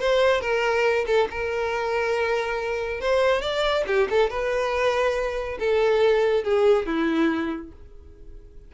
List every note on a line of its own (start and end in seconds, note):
0.00 0.41 C5
0.41 1.05 A#4
1.06 1.28 A4
1.30 3.00 A#4
3.00 3.41 C5
3.41 3.84 D5
3.87 4.08 G4
4.10 4.30 A4
4.30 5.58 B4
5.59 6.43 A4
6.43 6.86 G#4
6.86 7.72 E4